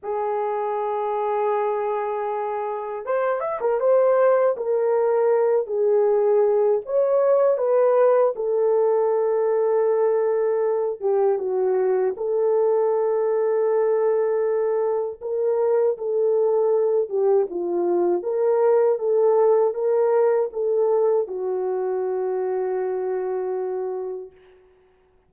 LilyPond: \new Staff \with { instrumentName = "horn" } { \time 4/4 \tempo 4 = 79 gis'1 | c''8 e''16 ais'16 c''4 ais'4. gis'8~ | gis'4 cis''4 b'4 a'4~ | a'2~ a'8 g'8 fis'4 |
a'1 | ais'4 a'4. g'8 f'4 | ais'4 a'4 ais'4 a'4 | fis'1 | }